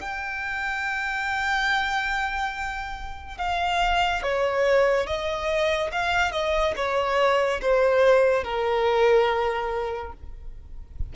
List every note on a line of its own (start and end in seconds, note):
0.00 3.38 G5
3.38 4.23 F5
4.23 5.07 C#5
5.07 5.91 D#5
5.92 6.32 F5
6.32 6.74 D#5
6.76 7.61 C#5
7.61 8.44 C5
8.44 10.13 A#4